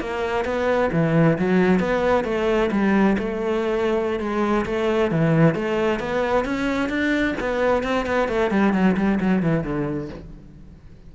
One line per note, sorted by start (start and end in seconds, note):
0.00 0.45 A#3
0.45 0.90 B3
0.92 1.38 E3
1.38 1.80 F#3
1.80 2.25 B3
2.25 2.70 A3
2.71 3.17 G3
3.18 4.20 A3
4.20 4.65 G#3
4.66 5.11 A3
5.11 5.55 E3
5.55 6.00 A3
6.00 6.45 B3
6.45 6.89 C#4
6.89 7.35 D4
7.40 7.83 B3
7.83 8.06 C4
8.06 8.28 B3
8.28 8.51 A3
8.51 8.73 G3
8.73 8.96 F#3
8.97 9.19 G3
9.20 9.43 F#3
9.43 9.64 E3
9.64 10.09 D3